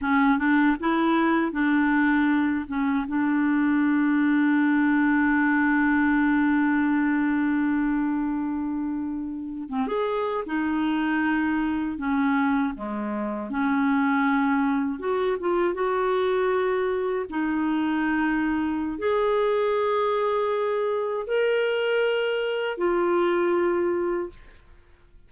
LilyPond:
\new Staff \with { instrumentName = "clarinet" } { \time 4/4 \tempo 4 = 79 cis'8 d'8 e'4 d'4. cis'8 | d'1~ | d'1~ | d'8. c'16 gis'8. dis'2 cis'16~ |
cis'8. gis4 cis'2 fis'16~ | fis'16 f'8 fis'2 dis'4~ dis'16~ | dis'4 gis'2. | ais'2 f'2 | }